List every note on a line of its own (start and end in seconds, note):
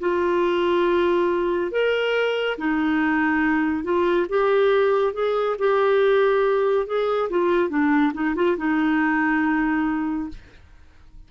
0.00 1.71 F4
1.72 2.58 A#4
2.58 3.84 D#4
3.84 4.27 F4
4.29 5.14 G4
5.14 5.57 G#4
5.59 6.87 G4
6.87 7.30 G#4
7.30 7.70 F4
7.70 8.13 D4
8.14 8.35 D#4
8.36 8.57 F4
8.58 10.29 D#4